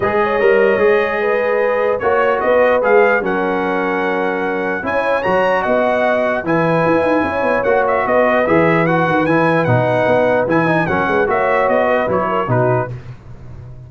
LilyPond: <<
  \new Staff \with { instrumentName = "trumpet" } { \time 4/4 \tempo 4 = 149 dis''1~ | dis''4 cis''4 dis''4 f''4 | fis''1 | gis''4 ais''4 fis''2 |
gis''2. fis''8 e''8 | dis''4 e''4 fis''4 gis''4 | fis''2 gis''4 fis''4 | e''4 dis''4 cis''4 b'4 | }
  \new Staff \with { instrumentName = "horn" } { \time 4/4 b'8 cis''2~ cis''8 b'4~ | b'4 cis''4 b'2 | ais'1 | cis''2 dis''2 |
b'2 cis''2 | b'1~ | b'2. ais'8 b'8 | cis''4. b'4 ais'8 fis'4 | }
  \new Staff \with { instrumentName = "trombone" } { \time 4/4 gis'4 ais'4 gis'2~ | gis'4 fis'2 gis'4 | cis'1 | e'4 fis'2. |
e'2. fis'4~ | fis'4 gis'4 fis'4 e'4 | dis'2 e'8 dis'8 cis'4 | fis'2 e'4 dis'4 | }
  \new Staff \with { instrumentName = "tuba" } { \time 4/4 gis4 g4 gis2~ | gis4 ais4 b4 gis4 | fis1 | cis'4 fis4 b2 |
e4 e'8 dis'8 cis'8 b8 ais4 | b4 e4. dis8 e4 | b,4 b4 e4 fis8 gis8 | ais4 b4 fis4 b,4 | }
>>